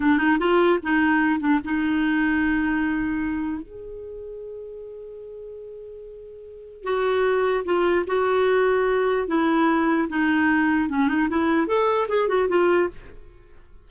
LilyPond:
\new Staff \with { instrumentName = "clarinet" } { \time 4/4 \tempo 4 = 149 d'8 dis'8 f'4 dis'4. d'8 | dis'1~ | dis'4 gis'2.~ | gis'1~ |
gis'4 fis'2 f'4 | fis'2. e'4~ | e'4 dis'2 cis'8 dis'8 | e'4 a'4 gis'8 fis'8 f'4 | }